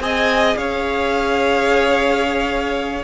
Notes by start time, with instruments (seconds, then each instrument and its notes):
0.00 cello C4, viola G#4, violin D#5 G#5
0.57 cello C#4, violin C#5 F5